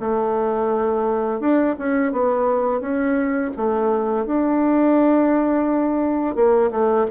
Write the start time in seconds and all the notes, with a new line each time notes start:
0.00 A3
1.40 D4
1.79 C#4
2.13 B3
2.81 C#4
3.57 A3
4.26 D4
6.36 A#3
6.71 A3